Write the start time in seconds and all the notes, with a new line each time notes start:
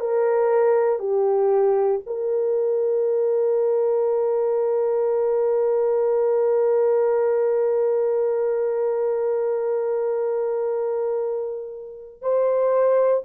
0.00 A#4
0.99 G4
2.06 A#4
12.21 C5